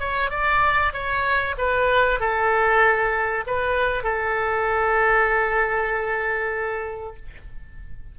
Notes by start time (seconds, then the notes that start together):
0.00 C#5
0.30 D5
0.93 C#5
1.58 B4
2.20 A4
3.47 B4
4.04 A4